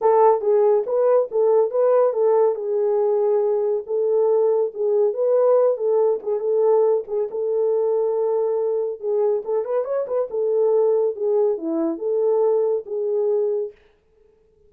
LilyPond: \new Staff \with { instrumentName = "horn" } { \time 4/4 \tempo 4 = 140 a'4 gis'4 b'4 a'4 | b'4 a'4 gis'2~ | gis'4 a'2 gis'4 | b'4. a'4 gis'8 a'4~ |
a'8 gis'8 a'2.~ | a'4 gis'4 a'8 b'8 cis''8 b'8 | a'2 gis'4 e'4 | a'2 gis'2 | }